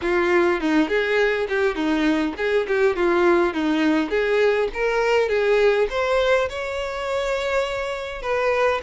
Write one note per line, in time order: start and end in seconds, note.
0.01 0.60 F4
0.60 0.88 D#4
0.88 1.47 G#4
1.48 1.75 G4
1.75 2.34 D#4
2.37 2.66 G#4
2.67 2.95 G4
2.95 3.53 F4
3.53 4.09 D#4
4.09 4.68 G#4
4.73 5.28 A#4
5.28 5.87 G#4
5.90 6.48 C5
6.49 8.22 C#5
8.22 8.80 B4